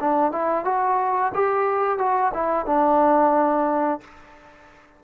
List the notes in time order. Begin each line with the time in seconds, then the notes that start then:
0.00 D4
0.32 E4
0.65 F#4
1.34 G4
1.98 F#4
2.34 E4
2.66 D4